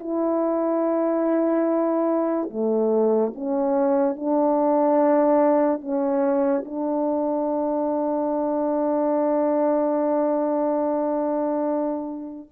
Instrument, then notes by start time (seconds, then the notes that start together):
horn
0.00 E4
2.50 A3
3.35 C#4
4.16 D4
5.81 C#4
6.66 D4